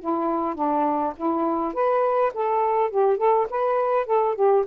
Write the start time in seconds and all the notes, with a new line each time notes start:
0.00 E4
0.55 D4
1.17 E4
1.74 B4
2.34 A4
2.91 G4
3.17 A4
3.50 B4
4.06 A4
4.35 G4